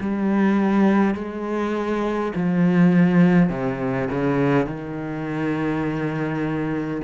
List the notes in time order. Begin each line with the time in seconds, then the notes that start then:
0.00 G3
1.14 G#3
2.35 F3
3.49 C3
4.10 C#3
4.66 D#3